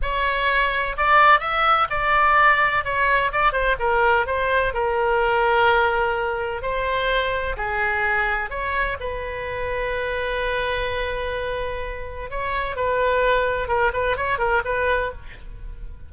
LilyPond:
\new Staff \with { instrumentName = "oboe" } { \time 4/4 \tempo 4 = 127 cis''2 d''4 e''4 | d''2 cis''4 d''8 c''8 | ais'4 c''4 ais'2~ | ais'2 c''2 |
gis'2 cis''4 b'4~ | b'1~ | b'2 cis''4 b'4~ | b'4 ais'8 b'8 cis''8 ais'8 b'4 | }